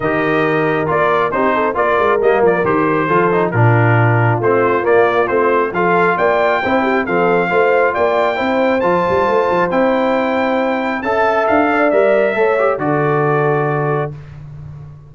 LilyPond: <<
  \new Staff \with { instrumentName = "trumpet" } { \time 4/4 \tempo 4 = 136 dis''2 d''4 c''4 | d''4 dis''8 d''8 c''2 | ais'2 c''4 d''4 | c''4 f''4 g''2 |
f''2 g''2 | a''2 g''2~ | g''4 a''4 f''4 e''4~ | e''4 d''2. | }
  \new Staff \with { instrumentName = "horn" } { \time 4/4 ais'2. g'8 a'8 | ais'2. a'4 | f'1~ | f'4 a'4 d''4 c''8 g'8 |
a'4 c''4 d''4 c''4~ | c''1~ | c''4 e''4. d''4. | cis''4 a'2. | }
  \new Staff \with { instrumentName = "trombone" } { \time 4/4 g'2 f'4 dis'4 | f'4 ais4 g'4 f'8 dis'8 | d'2 c'4 ais4 | c'4 f'2 e'4 |
c'4 f'2 e'4 | f'2 e'2~ | e'4 a'2 ais'4 | a'8 g'8 fis'2. | }
  \new Staff \with { instrumentName = "tuba" } { \time 4/4 dis2 ais4 c'4 | ais8 gis8 g8 f8 dis4 f4 | ais,2 a4 ais4 | a4 f4 ais4 c'4 |
f4 a4 ais4 c'4 | f8 g8 a8 f8 c'2~ | c'4 cis'4 d'4 g4 | a4 d2. | }
>>